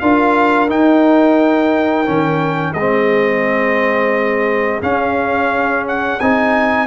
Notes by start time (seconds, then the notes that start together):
0.00 D4 F4 A#4 F5
0.69 D#4 G5
2.06 D#3 C#4
2.72 G#3 G#4 D#5
2.79 C4
4.82 C#4 F5
5.88 F#5
6.20 C4 D#4 G#5